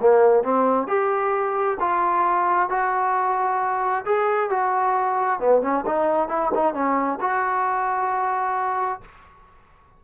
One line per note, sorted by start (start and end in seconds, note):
0.00 0.43 A#3
0.43 0.87 C4
0.87 1.77 G4
1.79 2.69 F4
2.69 4.05 F#4
4.05 4.49 G#4
4.49 5.40 F#4
5.40 5.62 B3
5.62 5.84 C#4
5.86 6.28 D#4
6.28 6.51 E4
6.54 6.74 D#4
6.74 7.19 C#4
7.20 9.01 F#4